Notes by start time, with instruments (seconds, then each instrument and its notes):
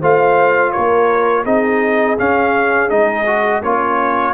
0.00 tuba A3, trombone F4, horn C5, trumpet F5
0.72 tuba A#3, horn A#4, trumpet C#5
1.44 tuba C4, trombone D#4, horn G#4, trumpet D#5
2.19 trombone C#4, tuba C#4, trumpet F5
2.89 tuba G#3, trombone D#4, trumpet D#5
3.26 trombone F#4
3.62 tuba A#3, horn C#4, trombone F4, trumpet C#5